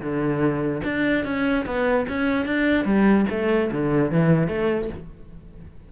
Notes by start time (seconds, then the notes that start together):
0.00 D3
0.83 D4
1.24 C#4
1.65 B3
2.08 C#4
2.45 D4
2.84 G3
3.29 A3
3.71 D3
4.11 E3
4.47 A3